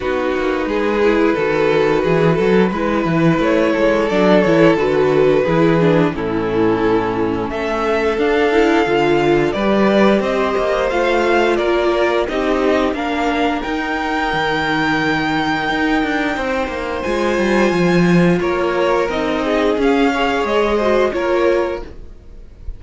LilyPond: <<
  \new Staff \with { instrumentName = "violin" } { \time 4/4 \tempo 4 = 88 b'1~ | b'4 cis''4 d''8 cis''8 b'4~ | b'4 a'2 e''4 | f''2 d''4 dis''4 |
f''4 d''4 dis''4 f''4 | g''1~ | g''4 gis''2 cis''4 | dis''4 f''4 dis''4 cis''4 | }
  \new Staff \with { instrumentName = "violin" } { \time 4/4 fis'4 gis'4 a'4 gis'8 a'8 | b'4. a'2~ a'8 | gis'4 e'2 a'4~ | a'2 b'4 c''4~ |
c''4 ais'4 g'4 ais'4~ | ais'1 | c''2. ais'4~ | ais'8 gis'4 cis''4 c''8 ais'4 | }
  \new Staff \with { instrumentName = "viola" } { \time 4/4 dis'4. e'8 fis'2 | e'2 d'8 e'8 fis'4 | e'8 d'8 cis'2. | d'8 e'8 f'4 g'2 |
f'2 dis'4 d'4 | dis'1~ | dis'4 f'2. | dis'4 cis'8 gis'4 fis'8 f'4 | }
  \new Staff \with { instrumentName = "cello" } { \time 4/4 b8 ais8 gis4 dis4 e8 fis8 | gis8 e8 a8 gis8 fis8 e8 d4 | e4 a,2 a4 | d'4 d4 g4 c'8 ais8 |
a4 ais4 c'4 ais4 | dis'4 dis2 dis'8 d'8 | c'8 ais8 gis8 g8 f4 ais4 | c'4 cis'4 gis4 ais4 | }
>>